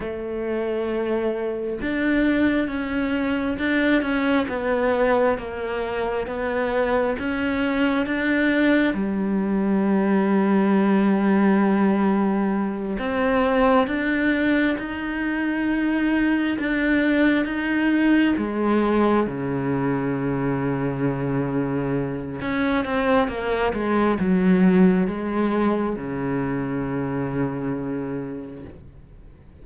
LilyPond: \new Staff \with { instrumentName = "cello" } { \time 4/4 \tempo 4 = 67 a2 d'4 cis'4 | d'8 cis'8 b4 ais4 b4 | cis'4 d'4 g2~ | g2~ g8 c'4 d'8~ |
d'8 dis'2 d'4 dis'8~ | dis'8 gis4 cis2~ cis8~ | cis4 cis'8 c'8 ais8 gis8 fis4 | gis4 cis2. | }